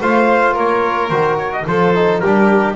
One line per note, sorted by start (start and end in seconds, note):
0.00 0.56 A3
0.00 1.11 F4
0.00 0.53 C5
0.00 0.57 F5
0.53 1.10 A#3
0.53 1.64 A#4
0.53 1.09 C#5
1.09 1.65 D#3
1.09 1.66 F#4
1.09 1.37 C5
1.38 1.52 C#5
1.52 1.66 D#5
1.66 2.22 F3
1.66 1.94 F4
1.66 2.21 A4
1.66 2.20 C5
1.94 2.22 D#4
2.20 2.75 G3
2.20 2.75 D4
2.20 2.75 G4
2.20 2.75 A#4